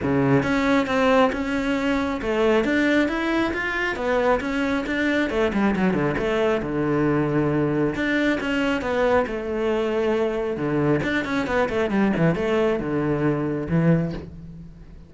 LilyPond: \new Staff \with { instrumentName = "cello" } { \time 4/4 \tempo 4 = 136 cis4 cis'4 c'4 cis'4~ | cis'4 a4 d'4 e'4 | f'4 b4 cis'4 d'4 | a8 g8 fis8 d8 a4 d4~ |
d2 d'4 cis'4 | b4 a2. | d4 d'8 cis'8 b8 a8 g8 e8 | a4 d2 e4 | }